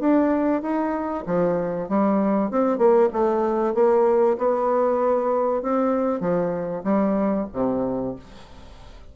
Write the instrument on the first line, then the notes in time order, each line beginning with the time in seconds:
bassoon
0.00 D4
0.62 D#4
1.26 F3
1.89 G3
2.51 C4
2.78 A#3
3.13 A3
3.75 A#3
4.38 B3
5.62 C4
6.20 F3
6.84 G3
7.53 C3